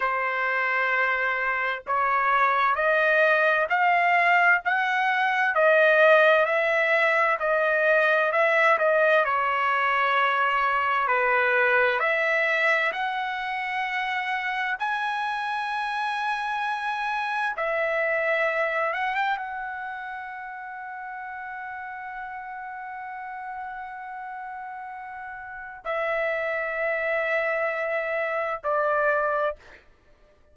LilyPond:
\new Staff \with { instrumentName = "trumpet" } { \time 4/4 \tempo 4 = 65 c''2 cis''4 dis''4 | f''4 fis''4 dis''4 e''4 | dis''4 e''8 dis''8 cis''2 | b'4 e''4 fis''2 |
gis''2. e''4~ | e''8 fis''16 g''16 fis''2.~ | fis''1 | e''2. d''4 | }